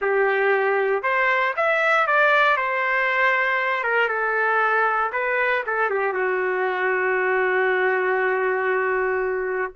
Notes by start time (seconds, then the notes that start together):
0.01 G4
1.02 C5
1.56 E5
2.07 D5
2.56 C5
3.83 A#4
4.08 A4
5.12 B4
5.66 A4
5.90 G4
6.13 F#4